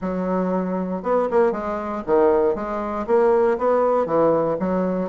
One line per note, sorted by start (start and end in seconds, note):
0.01 1.02 F#3
1.02 1.28 B3
1.30 1.51 A#3
1.51 2.02 G#3
2.06 2.55 D#3
2.55 3.06 G#3
3.06 3.57 A#3
3.57 4.05 B3
4.05 4.56 E3
4.59 5.09 F#3